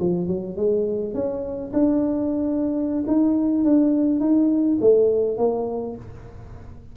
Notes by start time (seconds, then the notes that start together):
0.00 F3
0.28 F#3
0.57 G#3
1.14 C#4
1.73 D4
3.07 D#4
3.65 D4
4.20 D#4
4.81 A3
5.38 A#3